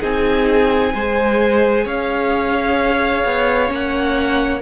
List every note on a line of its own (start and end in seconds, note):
0.00 0.94 C4
0.00 0.93 D#4
0.00 0.92 G#4
0.00 1.87 G#5
0.93 1.85 G#3
0.93 3.67 G#4
0.93 1.84 C5
1.84 3.24 C#4
1.84 4.61 C#5
1.84 3.72 F5
3.24 3.70 B3
3.67 4.61 A#3
3.67 4.60 C#4
3.74 4.61 F#5